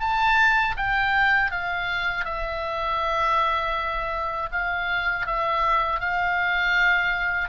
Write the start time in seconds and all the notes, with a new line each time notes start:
0.00 A5
0.77 G5
1.51 F5
2.25 E5
4.51 F5
5.26 E5
6.00 F5